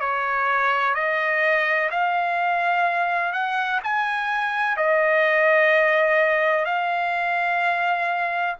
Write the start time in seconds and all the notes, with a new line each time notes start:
0.00 C#5
0.94 D#5
1.90 F5
3.32 F#5
3.83 G#5
4.77 D#5
6.65 F5